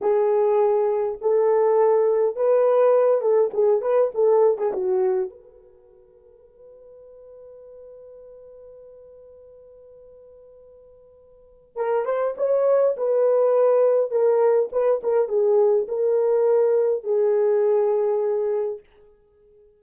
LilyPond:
\new Staff \with { instrumentName = "horn" } { \time 4/4 \tempo 4 = 102 gis'2 a'2 | b'4. a'8 gis'8 b'8 a'8. gis'16 | fis'4 b'2.~ | b'1~ |
b'1 | ais'8 c''8 cis''4 b'2 | ais'4 b'8 ais'8 gis'4 ais'4~ | ais'4 gis'2. | }